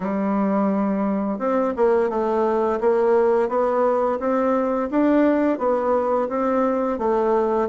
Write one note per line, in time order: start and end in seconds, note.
0.00 1.38 G3
1.38 1.73 C4
1.76 2.09 A#3
2.09 2.79 A3
2.80 3.49 A#3
3.49 4.18 B3
4.19 4.89 C4
4.91 5.58 D4
5.58 6.28 B3
6.29 6.98 C4
6.98 7.68 A3